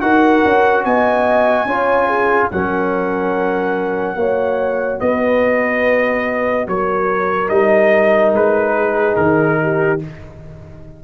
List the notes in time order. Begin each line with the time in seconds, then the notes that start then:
0.00 D#4 F#4 A#4 F#5
0.44 C#4
0.84 B3 D#5 G#5
1.65 C#4 F4 C#5
2.06 G#4
2.51 F#3 C#4 A#4 F#5
4.15 A#3 F#4 C#5
4.99 B3 B4 D#5
6.67 F#3 A#4 C#5
7.48 G3 D#4 D#5
8.32 G#3 B4
8.75 G#4
9.16 D#3 A#4
9.61 G4